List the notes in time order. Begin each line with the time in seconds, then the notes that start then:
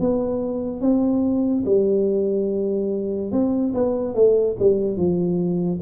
0.00 B3
0.81 C4
1.66 G3
3.31 C4
3.74 B3
4.15 A3
4.59 G3
4.97 F3